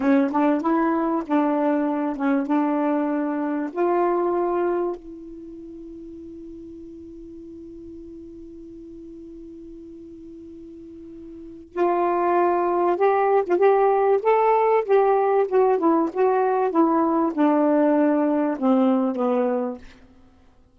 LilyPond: \new Staff \with { instrumentName = "saxophone" } { \time 4/4 \tempo 4 = 97 cis'8 d'8 e'4 d'4. cis'8 | d'2 f'2 | e'1~ | e'1~ |
e'2. f'4~ | f'4 g'8. f'16 g'4 a'4 | g'4 fis'8 e'8 fis'4 e'4 | d'2 c'4 b4 | }